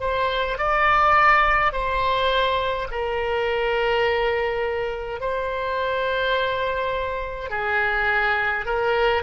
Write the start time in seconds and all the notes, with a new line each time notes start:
0.00 C5
0.58 D5
1.72 C5
2.91 A#4
5.20 C5
7.50 G#4
8.65 A#4